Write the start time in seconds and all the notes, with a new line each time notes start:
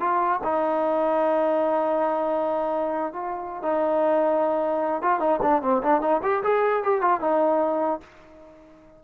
0.00 F4
0.43 D#4
3.13 F4
3.62 D#4
5.02 F4
5.19 D#4
5.42 D4
5.62 C4
5.83 D4
6.01 D#4
6.23 G4
6.43 G#4
6.83 G4
7.01 F4
7.20 D#4